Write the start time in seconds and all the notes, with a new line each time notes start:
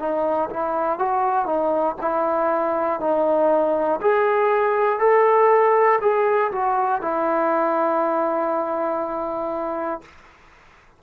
0.00 D#4
0.51 E4
1.00 F#4
1.46 D#4
2.01 E4
3.00 D#4
4.01 G#4
5.00 A4
6.01 G#4
6.52 F#4
7.02 E4